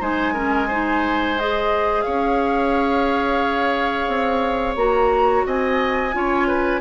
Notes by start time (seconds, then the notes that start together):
0.00 G#3 D#4 C5 G#5
0.34 C#4 A#4
0.68 D#4 C5
1.39 G#4 D#5
2.02 C#4 C#5 F5
4.08 C4
4.75 A#3 F#4 A#5
5.46 C4 D#5 G#5
6.13 C#4 F4 C#5
6.47 B4